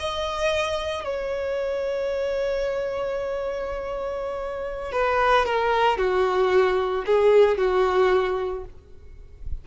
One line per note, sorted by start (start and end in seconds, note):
0.00 1.05 D#5
1.05 4.92 C#5
4.92 5.46 B4
5.46 5.98 A#4
5.98 7.05 F#4
7.06 7.58 G#4
7.58 8.65 F#4